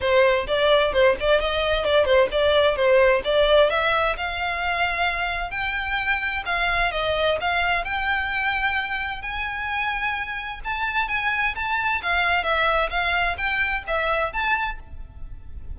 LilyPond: \new Staff \with { instrumentName = "violin" } { \time 4/4 \tempo 4 = 130 c''4 d''4 c''8 d''8 dis''4 | d''8 c''8 d''4 c''4 d''4 | e''4 f''2. | g''2 f''4 dis''4 |
f''4 g''2. | gis''2. a''4 | gis''4 a''4 f''4 e''4 | f''4 g''4 e''4 a''4 | }